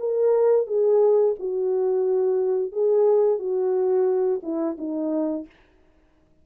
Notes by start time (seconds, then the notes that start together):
0.00 A#4
0.67 G#4
1.39 F#4
2.72 G#4
3.39 F#4
4.43 E4
4.78 D#4